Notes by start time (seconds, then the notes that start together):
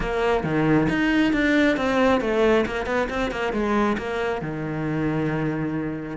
0.00 A#3
0.43 D#3
0.89 D#4
1.32 D4
1.76 C4
2.21 A3
2.66 A#3
2.86 B3
3.09 C4
3.31 A#3
3.53 G#3
3.97 A#3
4.41 D#3